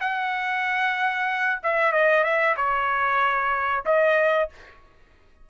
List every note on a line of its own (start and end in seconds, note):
0.00 1.60 F#5
1.63 1.92 E5
1.92 2.23 D#5
2.23 2.55 E5
2.56 3.84 C#5
3.85 4.49 D#5